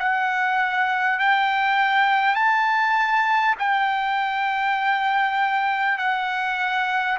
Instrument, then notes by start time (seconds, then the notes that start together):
trumpet
0.00 F#5
1.20 G5
2.36 A5
3.59 G5
5.99 F#5